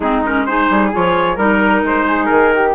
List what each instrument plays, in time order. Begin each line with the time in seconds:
0.00 bassoon G#3, clarinet C4, flute D#4, trumpet G#4
0.25 clarinet C#4, trumpet A#4
0.45 clarinet D#4, flute G#4, trumpet C5
0.70 bassoon G3
0.92 bassoon F3, clarinet F4, trumpet C#5
1.35 bassoon G3, clarinet D#4, flute A#4, trumpet A#4
1.83 bassoon G#3, trumpet C5
2.06 flute G#4
2.25 bassoon D#3, trumpet A#4
2.55 flute G4